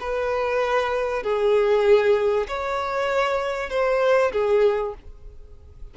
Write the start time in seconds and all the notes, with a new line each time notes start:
0.00 B4
1.23 G#4
2.48 C#5
3.70 C5
4.32 G#4